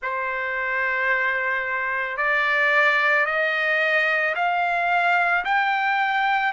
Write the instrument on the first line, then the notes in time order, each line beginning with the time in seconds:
trumpet
0.02 C5
2.17 D5
3.25 D#5
4.35 F5
5.44 G5